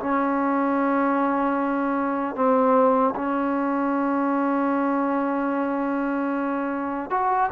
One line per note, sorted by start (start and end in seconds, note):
0.00 2.36 C#4
2.36 3.15 C4
3.16 7.11 C#4
7.11 7.50 F#4